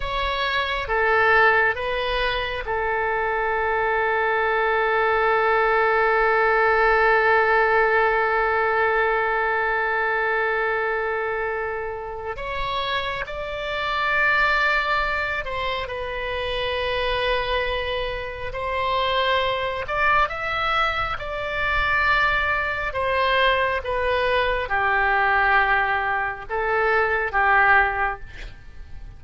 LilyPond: \new Staff \with { instrumentName = "oboe" } { \time 4/4 \tempo 4 = 68 cis''4 a'4 b'4 a'4~ | a'1~ | a'1~ | a'2 cis''4 d''4~ |
d''4. c''8 b'2~ | b'4 c''4. d''8 e''4 | d''2 c''4 b'4 | g'2 a'4 g'4 | }